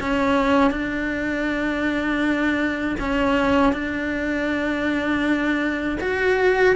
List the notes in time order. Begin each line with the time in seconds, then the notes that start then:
0.00 C#4
0.71 D4
2.99 C#4
3.72 D4
6.01 F#4